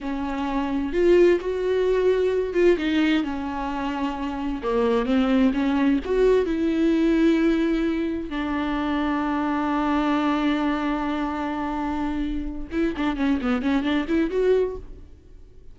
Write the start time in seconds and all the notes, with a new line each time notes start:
0.00 C#4
0.93 F4
1.40 F#4
2.53 F4
2.77 D#4
3.23 C#4
4.62 A#3
5.05 C4
5.53 C#4
6.04 F#4
6.45 E4
8.29 D4
12.71 E4
12.96 D4
13.16 C#4
13.41 B3
13.62 C#4
13.83 D4
14.08 E4
14.30 F#4